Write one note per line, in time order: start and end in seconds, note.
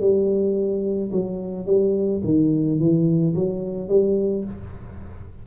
0.00 1.11 G3
1.12 1.66 F#3
1.66 2.22 G3
2.24 2.79 D#3
2.79 3.35 E3
3.35 3.89 F#3
3.89 4.44 G3